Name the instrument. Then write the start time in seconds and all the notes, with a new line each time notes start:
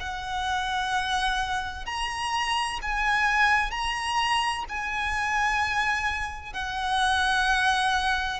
violin
0.00 F#5
1.86 A#5
2.82 G#5
3.71 A#5
4.69 G#5
6.53 F#5